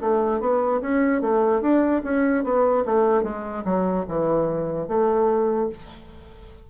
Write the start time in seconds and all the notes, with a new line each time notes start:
0.00 A3
0.40 B3
0.81 C#4
1.21 A3
1.61 D4
2.03 C#4
2.43 B3
2.85 A3
3.22 G#3
3.64 F#3
4.08 E3
4.87 A3